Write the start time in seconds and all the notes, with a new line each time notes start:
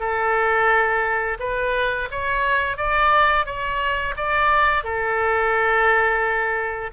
0.00 A4
1.40 B4
2.11 C#5
2.77 D5
3.46 C#5
4.17 D5
4.84 A4